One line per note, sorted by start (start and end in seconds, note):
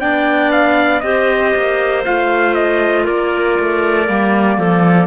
0.00 1.03 B3
0.00 1.02 D4
0.00 1.03 D5
0.00 0.51 G5
0.52 1.01 F5
1.01 1.54 C4
1.01 2.05 G4
1.01 3.04 C5
1.01 2.02 D#5
1.55 2.06 A#3
2.05 3.08 A3
2.05 4.06 F4
2.05 2.55 F5
2.55 3.06 D#5
3.04 3.59 A#3
3.04 4.57 A#4
3.04 5.08 D5
3.59 4.09 A3
4.06 4.58 G3
4.06 5.08 A#3
4.58 5.08 F3
4.58 5.08 A4